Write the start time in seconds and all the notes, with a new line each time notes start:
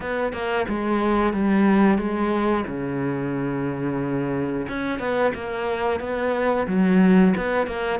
0.00 B3
0.32 A#3
0.68 G#3
1.33 G3
1.98 G#3
2.67 C#3
4.68 C#4
4.99 B3
5.34 A#3
6.00 B3
6.67 F#3
7.36 B3
7.67 A#3